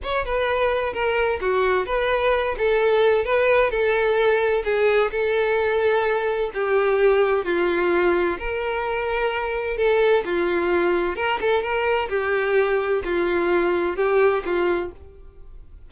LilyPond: \new Staff \with { instrumentName = "violin" } { \time 4/4 \tempo 4 = 129 cis''8 b'4. ais'4 fis'4 | b'4. a'4. b'4 | a'2 gis'4 a'4~ | a'2 g'2 |
f'2 ais'2~ | ais'4 a'4 f'2 | ais'8 a'8 ais'4 g'2 | f'2 g'4 f'4 | }